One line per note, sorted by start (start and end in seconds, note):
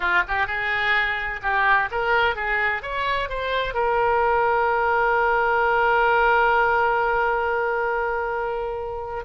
0.00 0.22 F4
0.28 0.46 G4
0.46 1.40 G#4
1.42 1.89 G4
1.91 2.35 A#4
2.35 2.82 G#4
2.82 3.29 C#5
3.29 3.74 C5
3.74 9.25 A#4